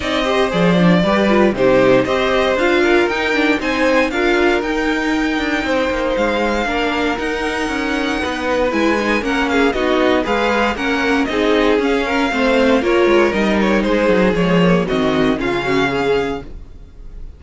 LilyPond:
<<
  \new Staff \with { instrumentName = "violin" } { \time 4/4 \tempo 4 = 117 dis''4 d''2 c''4 | dis''4 f''4 g''4 gis''4 | f''4 g''2. | f''2 fis''2~ |
fis''4 gis''4 fis''8 f''8 dis''4 | f''4 fis''4 dis''4 f''4~ | f''4 cis''4 dis''8 cis''8 c''4 | cis''4 dis''4 f''2 | }
  \new Staff \with { instrumentName = "violin" } { \time 4/4 d''8 c''4. b'4 g'4 | c''4. ais'4. c''4 | ais'2. c''4~ | c''4 ais'2. |
b'2 ais'8 gis'8 fis'4 | b'4 ais'4 gis'4. ais'8 | c''4 ais'2 gis'4~ | gis'4 fis'4 f'8 fis'8 gis'4 | }
  \new Staff \with { instrumentName = "viola" } { \time 4/4 dis'8 g'8 gis'8 d'8 g'8 f'8 dis'4 | g'4 f'4 dis'8 d'8 dis'4 | f'4 dis'2.~ | dis'4 d'4 dis'2~ |
dis'4 e'8 dis'8 cis'4 dis'4 | gis'4 cis'4 dis'4 cis'4 | c'4 f'4 dis'2 | gis8 ais8 c'4 cis'2 | }
  \new Staff \with { instrumentName = "cello" } { \time 4/4 c'4 f4 g4 c4 | c'4 d'4 dis'4 c'4 | d'4 dis'4. d'8 c'8 ais8 | gis4 ais4 dis'4 cis'4 |
b4 gis4 ais4 b4 | gis4 ais4 c'4 cis'4 | a4 ais8 gis8 g4 gis8 fis8 | f4 dis4 cis2 | }
>>